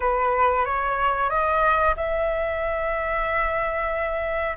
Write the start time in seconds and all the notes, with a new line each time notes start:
0.00 B4
0.65 C#5
1.29 D#5
1.96 E5